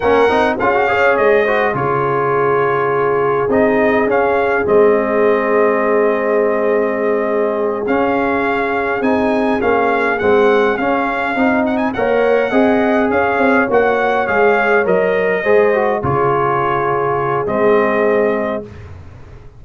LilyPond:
<<
  \new Staff \with { instrumentName = "trumpet" } { \time 4/4 \tempo 4 = 103 fis''4 f''4 dis''4 cis''4~ | cis''2 dis''4 f''4 | dis''1~ | dis''4. f''2 gis''8~ |
gis''8 f''4 fis''4 f''4. | fis''16 gis''16 fis''2 f''4 fis''8~ | fis''8 f''4 dis''2 cis''8~ | cis''2 dis''2 | }
  \new Staff \with { instrumentName = "horn" } { \time 4/4 ais'4 gis'8 cis''4 c''8 gis'4~ | gis'1~ | gis'1~ | gis'1~ |
gis'1~ | gis'8 cis''4 dis''4 cis''4.~ | cis''2~ cis''8 c''4 gis'8~ | gis'1 | }
  \new Staff \with { instrumentName = "trombone" } { \time 4/4 cis'8 dis'8 f'16 fis'16 gis'4 fis'8 f'4~ | f'2 dis'4 cis'4 | c'1~ | c'4. cis'2 dis'8~ |
dis'8 cis'4 c'4 cis'4 dis'8~ | dis'8 ais'4 gis'2 fis'8~ | fis'8 gis'4 ais'4 gis'8 fis'8 f'8~ | f'2 c'2 | }
  \new Staff \with { instrumentName = "tuba" } { \time 4/4 ais8 c'8 cis'4 gis4 cis4~ | cis2 c'4 cis'4 | gis1~ | gis4. cis'2 c'8~ |
c'8 ais4 gis4 cis'4 c'8~ | c'8 ais4 c'4 cis'8 c'8 ais8~ | ais8 gis4 fis4 gis4 cis8~ | cis2 gis2 | }
>>